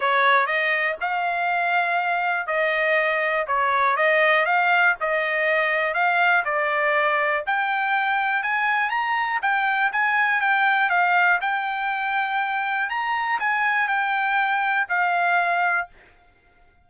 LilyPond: \new Staff \with { instrumentName = "trumpet" } { \time 4/4 \tempo 4 = 121 cis''4 dis''4 f''2~ | f''4 dis''2 cis''4 | dis''4 f''4 dis''2 | f''4 d''2 g''4~ |
g''4 gis''4 ais''4 g''4 | gis''4 g''4 f''4 g''4~ | g''2 ais''4 gis''4 | g''2 f''2 | }